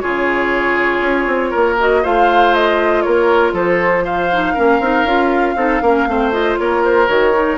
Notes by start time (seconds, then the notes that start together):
0.00 C#3 F4 G#4 C#5
1.01 C#4
1.27 C4
1.51 A#3 A#4
1.80 F#4 D#5
2.03 A3 F4 C5 F5
2.55 D#5
3.03 A#3 A#4 C#5
3.53 F3 A4 C5
4.05 C5 F5
4.33 D#4
4.54 A#3 C#4 A#4
4.81 C4 D#4
5.04 C#4 F4
5.56 C4 D#4 A4
5.82 A#3 C#4 A#4
6.08 A3 C4 C5
6.33 F4 D#5
6.59 A#3 A#4 C#5
6.84 C5
7.08 D#3 F#4 C#5
7.33 D#4